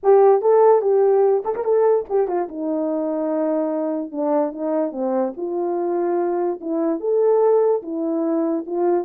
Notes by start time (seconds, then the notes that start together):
0.03 G4
0.41 A4
0.81 G4
1.44 A4
1.55 A#4
1.64 A4
2.09 G4
2.27 F4
2.48 D#4
4.11 D4
4.51 D#4
4.92 C4
5.36 F4
6.60 E4
7.00 A4
7.82 E4
8.66 F4